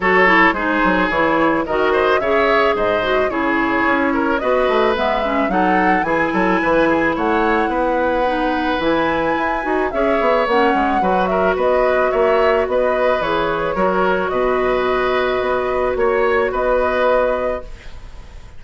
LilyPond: <<
  \new Staff \with { instrumentName = "flute" } { \time 4/4 \tempo 4 = 109 cis''4 c''4 cis''4 dis''4 | e''4 dis''4 cis''2 | dis''4 e''4 fis''4 gis''4~ | gis''4 fis''2. |
gis''2 e''4 fis''4~ | fis''8 e''8 dis''4 e''4 dis''4 | cis''2 dis''2~ | dis''4 cis''4 dis''2 | }
  \new Staff \with { instrumentName = "oboe" } { \time 4/4 a'4 gis'2 ais'8 c''8 | cis''4 c''4 gis'4. ais'8 | b'2 a'4 gis'8 a'8 | b'8 gis'8 cis''4 b'2~ |
b'2 cis''2 | b'8 ais'8 b'4 cis''4 b'4~ | b'4 ais'4 b'2~ | b'4 cis''4 b'2 | }
  \new Staff \with { instrumentName = "clarinet" } { \time 4/4 fis'8 e'8 dis'4 e'4 fis'4 | gis'4. fis'8 e'2 | fis'4 b8 cis'8 dis'4 e'4~ | e'2. dis'4 |
e'4. fis'8 gis'4 cis'4 | fis'1 | gis'4 fis'2.~ | fis'1 | }
  \new Staff \with { instrumentName = "bassoon" } { \time 4/4 fis4 gis8 fis8 e4 dis4 | cis4 gis,4 cis4 cis'4 | b8 a8 gis4 fis4 e8 fis8 | e4 a4 b2 |
e4 e'8 dis'8 cis'8 b8 ais8 gis8 | fis4 b4 ais4 b4 | e4 fis4 b,2 | b4 ais4 b2 | }
>>